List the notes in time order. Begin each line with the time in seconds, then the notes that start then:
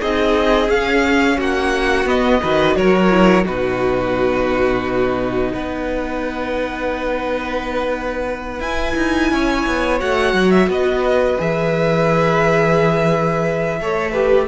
0.00 C4 D#4 G#4 D#5
0.69 C#4 F5
1.37 A#3 F#4 F#5
2.05 B3 D#5
2.42 D#3 F#4 B4
2.76 F#3 A#4 C#5
3.11 E4
3.45 B2 D#4 F#4 B4
5.53 B3 B4 F#5
8.60 E4 G#5
8.97 D#4
9.32 C#4 C#5
9.67 B3
10.00 A3 F#4 F#5
10.34 F#3
10.51 E5
10.68 B3 B4 D#5
11.38 E3 G#4 E5
13.81 A3 A4 C#5
14.12 G4 B4